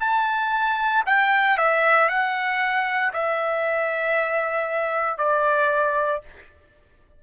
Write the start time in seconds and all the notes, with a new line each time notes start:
0.00 A5
1.06 G5
1.57 E5
2.09 F#5
3.13 E5
5.18 D5